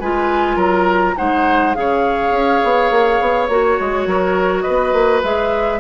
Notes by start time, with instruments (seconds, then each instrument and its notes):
0.00 bassoon G#3, clarinet F4, oboe B4, flute G#5
0.56 bassoon F#3, oboe A#4, flute A#5
1.17 bassoon G#3, clarinet D#4, oboe C5, flute F#5
1.74 bassoon C#3, clarinet G#4, oboe C#5, flute F5
2.31 bassoon C#4
2.63 bassoon B3
2.90 bassoon A#3
3.21 bassoon B3
3.47 bassoon A#3, clarinet F#4, flute C#5
3.80 bassoon G#3
4.06 bassoon F#3, oboe A#4
4.62 oboe B4, flute D#5
4.68 bassoon B3
4.93 bassoon A#3
5.24 bassoon G#3, clarinet G#4, flute E5